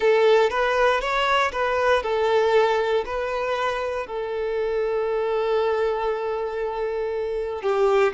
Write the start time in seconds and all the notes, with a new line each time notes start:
0.00 A4
0.49 B4
1.00 C#5
1.52 B4
2.02 A4
3.05 B4
4.06 A4
7.62 G4